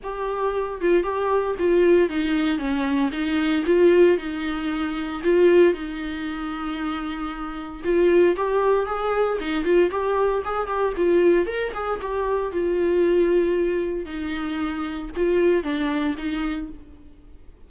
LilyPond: \new Staff \with { instrumentName = "viola" } { \time 4/4 \tempo 4 = 115 g'4. f'8 g'4 f'4 | dis'4 cis'4 dis'4 f'4 | dis'2 f'4 dis'4~ | dis'2. f'4 |
g'4 gis'4 dis'8 f'8 g'4 | gis'8 g'8 f'4 ais'8 gis'8 g'4 | f'2. dis'4~ | dis'4 f'4 d'4 dis'4 | }